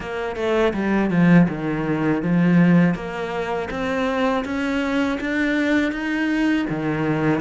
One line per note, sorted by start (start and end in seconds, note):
0.00 0.36 A#3
0.36 0.73 A3
0.73 1.10 G3
1.10 1.47 F3
1.48 2.22 D#3
2.22 2.95 F3
2.95 3.68 A#3
3.70 4.44 C4
4.44 5.19 C#4
5.20 5.92 D4
5.92 6.66 D#4
6.69 7.40 D#3